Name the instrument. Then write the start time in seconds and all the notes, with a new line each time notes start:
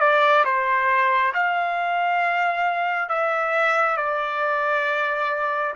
trumpet
0.00 D5
0.45 C5
1.34 F5
3.09 E5
3.97 D5